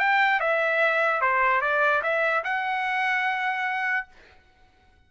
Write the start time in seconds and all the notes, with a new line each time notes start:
0.00 G5
0.40 E5
1.21 C5
1.61 D5
2.03 E5
2.44 F#5